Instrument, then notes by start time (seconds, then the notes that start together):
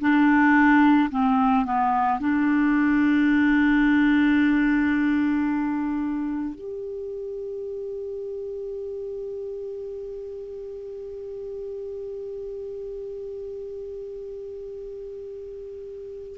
clarinet
0.00 D4
1.10 C4
1.65 B3
2.20 D4
6.55 G4